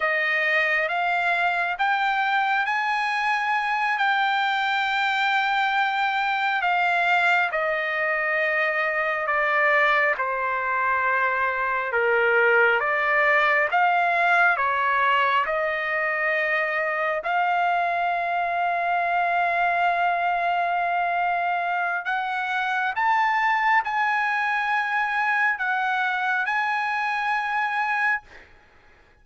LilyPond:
\new Staff \with { instrumentName = "trumpet" } { \time 4/4 \tempo 4 = 68 dis''4 f''4 g''4 gis''4~ | gis''8 g''2. f''8~ | f''8 dis''2 d''4 c''8~ | c''4. ais'4 d''4 f''8~ |
f''8 cis''4 dis''2 f''8~ | f''1~ | f''4 fis''4 a''4 gis''4~ | gis''4 fis''4 gis''2 | }